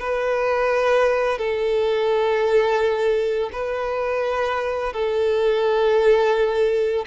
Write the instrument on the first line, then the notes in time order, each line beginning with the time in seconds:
violin
0.00 B4
1.38 A4
3.53 B4
4.93 A4